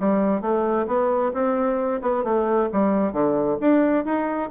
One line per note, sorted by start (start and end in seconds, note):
0.00 0.42 G3
0.42 0.87 A3
0.87 1.32 B3
1.34 2.02 C4
2.02 2.24 B3
2.24 2.69 A3
2.73 3.13 G3
3.13 3.58 D3
3.61 4.05 D4
4.05 4.50 D#4